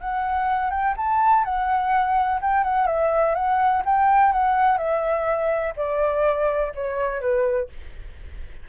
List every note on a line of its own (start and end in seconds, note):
0.00 0.70 F#5
0.70 0.94 G5
0.97 1.44 A5
1.44 2.40 F#5
2.41 2.63 G5
2.63 2.87 F#5
2.87 3.35 E5
3.35 3.83 F#5
3.85 4.32 G5
4.32 4.77 F#5
4.77 5.73 E5
5.76 6.72 D5
6.75 7.21 C#5
7.21 7.69 B4